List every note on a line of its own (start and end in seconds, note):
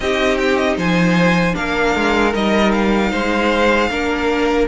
0.00 0.77 C4
0.00 1.53 D#4
0.00 0.77 G4
0.00 0.38 D#5
0.38 0.56 G5
0.56 0.76 D#5
0.77 1.55 F3
0.77 1.55 C5
0.77 1.55 G#5
1.53 1.95 A#3
1.53 2.31 D4
1.53 3.11 A#4
1.53 2.33 F5
1.95 2.34 G#3
2.33 3.12 G3
2.33 3.89 D#4
2.33 2.72 D#5
2.72 4.67 F5
3.11 3.90 G#3
3.11 3.89 C5
3.90 4.68 A#3
3.90 4.68 D4
3.90 4.68 A#4